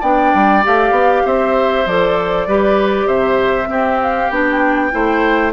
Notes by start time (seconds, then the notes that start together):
0.00 B3 D4 D5 G5
0.34 G3
0.63 A3 G4 F5
0.91 B3
1.25 C4 C5 E5
1.86 F3 A4 D5
2.47 G3 G4 B4
3.06 C3 C5 E5
3.65 C4 G4
4.02 F5
4.30 B3 D4 G5
4.91 A3 E4 C5